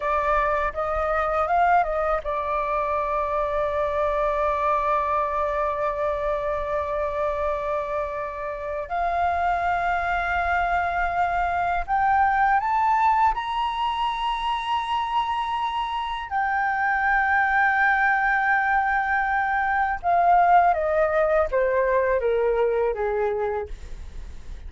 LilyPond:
\new Staff \with { instrumentName = "flute" } { \time 4/4 \tempo 4 = 81 d''4 dis''4 f''8 dis''8 d''4~ | d''1~ | d''1 | f''1 |
g''4 a''4 ais''2~ | ais''2 g''2~ | g''2. f''4 | dis''4 c''4 ais'4 gis'4 | }